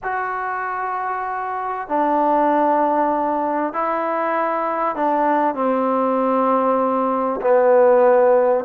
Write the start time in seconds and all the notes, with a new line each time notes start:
0.03 F#4
1.88 D4
3.73 E4
4.95 D4
5.54 C4
7.41 B3